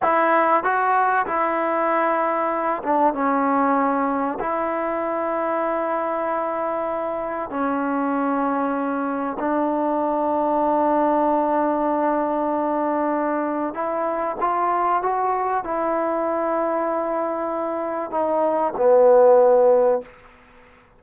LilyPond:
\new Staff \with { instrumentName = "trombone" } { \time 4/4 \tempo 4 = 96 e'4 fis'4 e'2~ | e'8 d'8 cis'2 e'4~ | e'1 | cis'2. d'4~ |
d'1~ | d'2 e'4 f'4 | fis'4 e'2.~ | e'4 dis'4 b2 | }